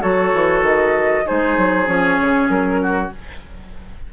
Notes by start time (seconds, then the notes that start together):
0.00 F#3 F#4 A4 C#5
0.34 E3
0.62 D#3 D#5
1.25 G#3 D#4 G#4 C5
1.57 F#3
1.86 F3 C#4 C#5
2.21 C#3
2.49 F#3 A#4
2.82 F#4